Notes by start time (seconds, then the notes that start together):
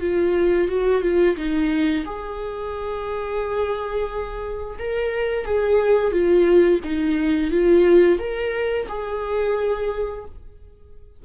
0.00 F4
0.68 F#4
1.02 F4
1.36 D#4
2.05 G#4
4.79 A#4
5.45 G#4
6.12 F4
6.84 D#4
7.51 F4
8.18 A#4
8.89 G#4